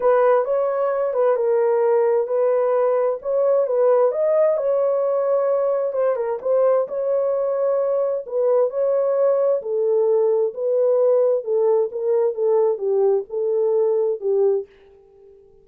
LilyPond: \new Staff \with { instrumentName = "horn" } { \time 4/4 \tempo 4 = 131 b'4 cis''4. b'8 ais'4~ | ais'4 b'2 cis''4 | b'4 dis''4 cis''2~ | cis''4 c''8 ais'8 c''4 cis''4~ |
cis''2 b'4 cis''4~ | cis''4 a'2 b'4~ | b'4 a'4 ais'4 a'4 | g'4 a'2 g'4 | }